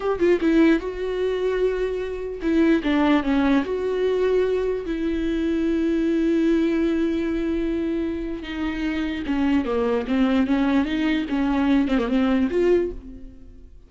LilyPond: \new Staff \with { instrumentName = "viola" } { \time 4/4 \tempo 4 = 149 g'8 f'8 e'4 fis'2~ | fis'2 e'4 d'4 | cis'4 fis'2. | e'1~ |
e'1~ | e'4 dis'2 cis'4 | ais4 c'4 cis'4 dis'4 | cis'4. c'16 ais16 c'4 f'4 | }